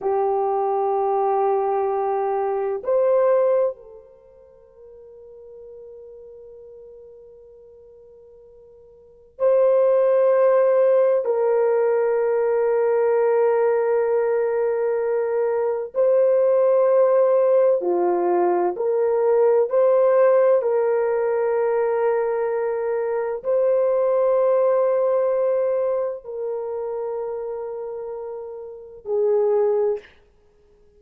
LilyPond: \new Staff \with { instrumentName = "horn" } { \time 4/4 \tempo 4 = 64 g'2. c''4 | ais'1~ | ais'2 c''2 | ais'1~ |
ais'4 c''2 f'4 | ais'4 c''4 ais'2~ | ais'4 c''2. | ais'2. gis'4 | }